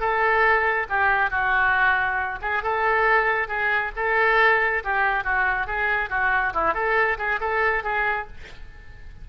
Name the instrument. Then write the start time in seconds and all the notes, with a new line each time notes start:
oboe
0.00 A4
0.89 G4
1.30 F#4
2.42 G#4
2.63 A4
3.48 G#4
3.96 A4
4.84 G4
5.24 F#4
5.67 G#4
6.10 F#4
6.54 E4
6.74 A4
7.18 G#4
7.41 A4
7.84 G#4